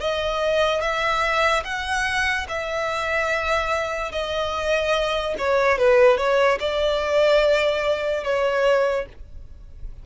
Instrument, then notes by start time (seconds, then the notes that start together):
violin
0.00 D#5
0.81 E5
1.64 F#5
2.48 E5
4.12 D#5
5.38 C#5
5.78 B4
6.17 C#5
6.59 D5
8.23 C#5